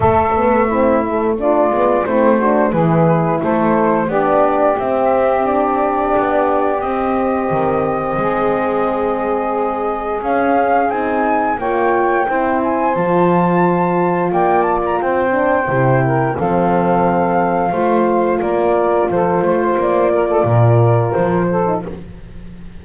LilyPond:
<<
  \new Staff \with { instrumentName = "flute" } { \time 4/4 \tempo 4 = 88 e''2 d''4 c''4 | b'4 c''4 d''4 e''4 | d''2 dis''2~ | dis''2. f''4 |
gis''4 g''4. gis''8 a''4~ | a''4 g''8 a''16 ais''16 g''2 | f''2. d''4 | c''4 d''2 c''4 | }
  \new Staff \with { instrumentName = "saxophone" } { \time 4/4 a'4 e'4 f'4 e'8 fis'8 | gis'4 a'4 g'2~ | g'1 | gis'1~ |
gis'4 cis''4 c''2~ | c''4 d''4 c''4. ais'8 | a'2 c''4 ais'4 | a'8 c''4 ais'16 a'16 ais'4. a'8 | }
  \new Staff \with { instrumentName = "horn" } { \time 4/4 a8 b8 c'8 a8 d'8 b8 c'8 d'8 | e'2 d'4 c'4 | d'2 c'2~ | c'2. cis'4 |
dis'4 f'4 e'4 f'4~ | f'2~ f'8 d'8 e'4 | c'2 f'2~ | f'2.~ f'8. dis'16 | }
  \new Staff \with { instrumentName = "double bass" } { \time 4/4 a2~ a8 gis8 a4 | e4 a4 b4 c'4~ | c'4 b4 c'4 dis4 | gis2. cis'4 |
c'4 ais4 c'4 f4~ | f4 ais4 c'4 c4 | f2 a4 ais4 | f8 a8 ais4 ais,4 f4 | }
>>